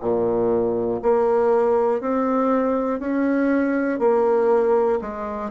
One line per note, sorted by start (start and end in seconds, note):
0.00 1.00 A#2
1.02 2.00 A#3
2.00 3.00 C4
3.00 3.99 C#4
3.99 4.99 A#3
5.01 5.50 G#3